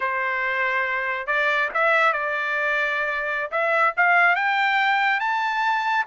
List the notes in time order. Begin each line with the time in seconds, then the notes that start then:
0.00 C5
1.26 D5
1.74 E5
2.12 D5
3.51 E5
3.96 F5
4.35 G5
5.20 A5